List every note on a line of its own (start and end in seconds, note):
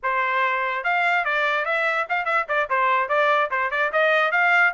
0.02 0.84 C5
0.84 1.24 F5
1.24 1.65 D5
1.65 2.06 E5
2.09 2.25 F5
2.25 2.46 E5
2.48 2.69 D5
2.69 3.08 C5
3.08 3.50 D5
3.50 3.70 C5
3.70 3.91 D5
3.92 4.31 D#5
4.31 4.73 F5